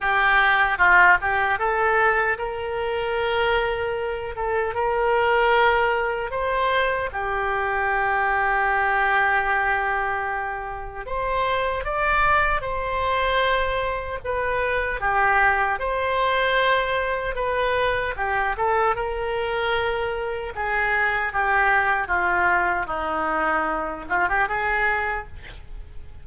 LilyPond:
\new Staff \with { instrumentName = "oboe" } { \time 4/4 \tempo 4 = 76 g'4 f'8 g'8 a'4 ais'4~ | ais'4. a'8 ais'2 | c''4 g'2.~ | g'2 c''4 d''4 |
c''2 b'4 g'4 | c''2 b'4 g'8 a'8 | ais'2 gis'4 g'4 | f'4 dis'4. f'16 g'16 gis'4 | }